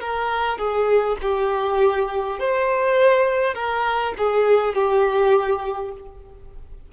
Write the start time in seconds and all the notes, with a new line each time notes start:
0.00 A#4
0.58 G#4
1.22 G4
2.40 C5
3.55 A#4
4.18 G#4
4.75 G4